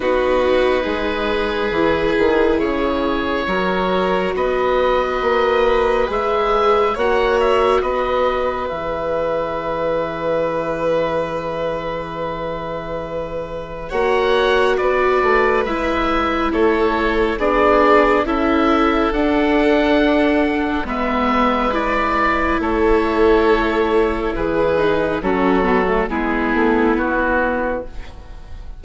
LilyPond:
<<
  \new Staff \with { instrumentName = "oboe" } { \time 4/4 \tempo 4 = 69 b'2. cis''4~ | cis''4 dis''2 e''4 | fis''8 e''8 dis''4 e''2~ | e''1 |
fis''4 d''4 e''4 cis''4 | d''4 e''4 fis''2 | e''4 d''4 cis''2 | b'4 a'4 gis'4 fis'4 | }
  \new Staff \with { instrumentName = "violin" } { \time 4/4 fis'4 gis'2. | ais'4 b'2. | cis''4 b'2.~ | b'1 |
cis''4 b'2 a'4 | gis'4 a'2. | b'2 a'2 | gis'4 fis'4 e'2 | }
  \new Staff \with { instrumentName = "viola" } { \time 4/4 dis'2 e'2 | fis'2. gis'4 | fis'2 gis'2~ | gis'1 |
fis'2 e'2 | d'4 e'4 d'2 | b4 e'2.~ | e'8 dis'8 cis'8 b16 a16 b2 | }
  \new Staff \with { instrumentName = "bassoon" } { \time 4/4 b4 gis4 e8 dis8 cis4 | fis4 b4 ais4 gis4 | ais4 b4 e2~ | e1 |
ais4 b8 a8 gis4 a4 | b4 cis'4 d'2 | gis2 a2 | e4 fis4 gis8 a8 b4 | }
>>